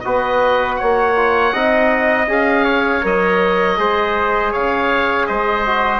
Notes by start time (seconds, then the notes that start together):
0.00 B3 F#4 B4 D#5
0.75 C#5 F#5
0.82 A#3
1.16 F4
1.53 C4 D#4 D#5
2.27 C#4 G#4 F5
2.64 C#5
3.02 F#3 A#4 D#5
3.77 G#3 G#4 C5
4.51 C#3 C#5 F5
5.26 G#3 C5 D#5
5.66 F#4